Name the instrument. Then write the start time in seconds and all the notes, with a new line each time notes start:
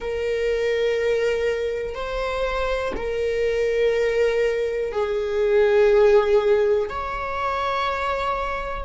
viola
0.00 A#4
1.94 C5
2.96 A#4
4.92 G#4
6.89 C#5